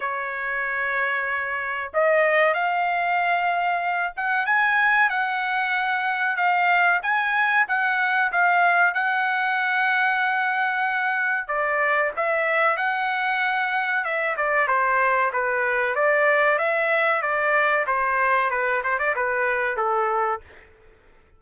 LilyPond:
\new Staff \with { instrumentName = "trumpet" } { \time 4/4 \tempo 4 = 94 cis''2. dis''4 | f''2~ f''8 fis''8 gis''4 | fis''2 f''4 gis''4 | fis''4 f''4 fis''2~ |
fis''2 d''4 e''4 | fis''2 e''8 d''8 c''4 | b'4 d''4 e''4 d''4 | c''4 b'8 c''16 d''16 b'4 a'4 | }